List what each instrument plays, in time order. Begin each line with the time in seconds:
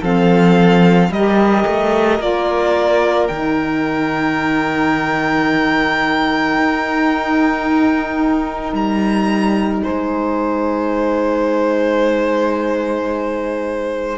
0.00 cello F3, saxophone C4, violin A4 F5
1.09 cello G3, saxophone G4, violin A#4 D#5
1.66 cello A3
2.18 cello A#3, saxophone F4, violin D5
3.27 cello D#3, saxophone D#4, violin G5
6.57 cello D#4
8.72 cello G3, violin A#5
9.83 cello G#3, violin C5 G#5